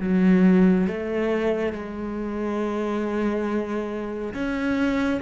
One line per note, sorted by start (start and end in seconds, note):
0.00 0.87 F#3
0.87 1.73 A3
1.73 4.34 G#3
4.34 5.21 C#4